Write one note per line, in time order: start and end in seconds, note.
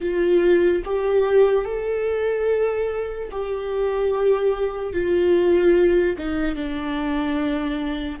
0.00 0.83 F4
0.84 1.64 G4
1.64 3.29 A4
3.31 4.93 G4
4.93 6.16 F4
6.18 6.55 D#4
6.55 8.19 D4